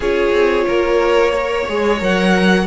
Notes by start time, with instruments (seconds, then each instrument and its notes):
0.00 cello C#4, viola F4, violin G#4 C#5
0.32 cello C4
0.67 cello A#3, violin A#4
1.32 viola A#4, violin C#5
1.68 cello G#3, viola G#4
1.99 cello F#3, viola A#4, violin F#5